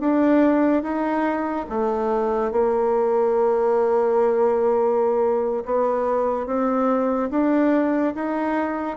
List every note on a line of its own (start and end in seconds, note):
0.00 0.82 D4
0.82 1.66 D#4
1.69 2.51 A3
2.51 5.64 A#3
5.65 6.46 B3
6.46 7.29 C4
7.30 8.14 D4
8.14 8.97 D#4